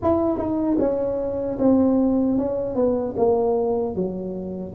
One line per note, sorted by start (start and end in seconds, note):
0.02 0.37 E4
0.37 0.77 D#4
0.79 1.58 C#4
1.59 2.38 C4
2.38 2.75 C#4
2.75 3.14 B3
3.16 3.95 A#3
3.95 4.74 F#3